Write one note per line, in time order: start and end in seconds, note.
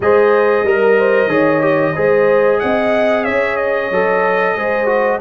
0.00 0.63 G#3
0.00 0.66 G#4
0.00 0.65 C5
0.00 2.59 D#5
0.63 1.27 G3
0.63 0.98 A#4
0.63 1.29 A#4
0.98 1.29 C5
1.27 1.92 D#3
1.27 1.61 G#4
1.27 1.94 C#5
1.61 1.93 G4
1.95 2.62 G#3
1.95 3.91 G#4
1.95 2.61 C5
2.59 3.28 C4
2.59 3.24 D#5
2.59 3.24 F#5
3.24 3.90 C#4
3.24 4.55 C#5
3.24 3.56 E5
3.56 5.19 D#5
3.90 4.55 F#3
3.90 4.57 A4
4.55 5.20 G#3
4.55 4.86 G#4
4.55 5.20 C5
4.86 5.18 F#4